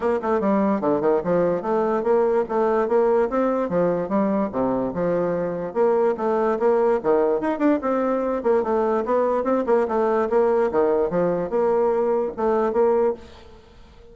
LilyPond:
\new Staff \with { instrumentName = "bassoon" } { \time 4/4 \tempo 4 = 146 ais8 a8 g4 d8 dis8 f4 | a4 ais4 a4 ais4 | c'4 f4 g4 c4 | f2 ais4 a4 |
ais4 dis4 dis'8 d'8 c'4~ | c'8 ais8 a4 b4 c'8 ais8 | a4 ais4 dis4 f4 | ais2 a4 ais4 | }